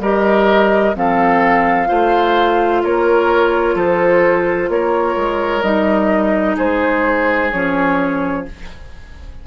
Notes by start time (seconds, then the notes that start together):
0.00 G3 G4 A#4 D#5
0.95 F3 C4 A4 F5
1.87 A3 F4 C5
2.84 A#3 A#4 C#5
3.76 F3 A4 C5
4.69 A#3 A#4 C#5
5.17 G#3
5.63 G3 D#4 D#5
6.57 G#3 G#4 C5
7.52 F3 C#4 C#5